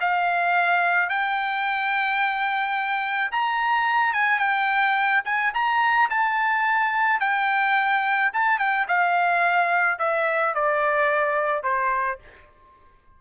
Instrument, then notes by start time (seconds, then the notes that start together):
trumpet
0.00 F5
1.09 G5
3.32 A#5
4.13 G#5
4.39 G5
5.25 G#5
5.54 A#5
6.10 A5
7.20 G5
8.33 A5
8.58 G5
8.88 F5
9.99 E5
10.54 D5
11.63 C5